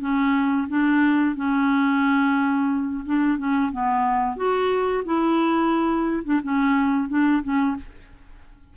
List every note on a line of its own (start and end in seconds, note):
0.00 0.67 C#4
0.68 1.35 D4
1.35 3.04 C#4
3.05 3.38 D4
3.38 3.71 C#4
3.72 4.36 B3
4.36 5.03 F#4
5.05 6.23 E4
6.24 6.41 D4
6.43 7.08 C#4
7.08 7.42 D4
7.42 7.76 C#4